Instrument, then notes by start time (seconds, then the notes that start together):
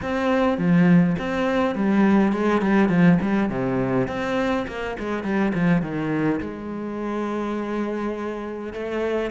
cello
0.02 C4
0.57 F3
1.18 C4
1.75 G3
2.32 G#3
2.61 G3
2.89 F3
3.21 G3
3.50 C3
4.07 C4
4.67 A#3
4.99 G#3
5.23 G3
5.53 F3
5.81 D#3
6.40 G#3
8.73 A3